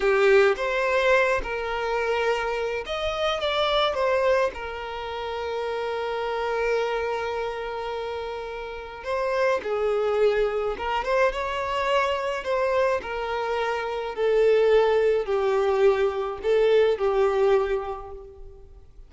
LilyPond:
\new Staff \with { instrumentName = "violin" } { \time 4/4 \tempo 4 = 106 g'4 c''4. ais'4.~ | ais'4 dis''4 d''4 c''4 | ais'1~ | ais'1 |
c''4 gis'2 ais'8 c''8 | cis''2 c''4 ais'4~ | ais'4 a'2 g'4~ | g'4 a'4 g'2 | }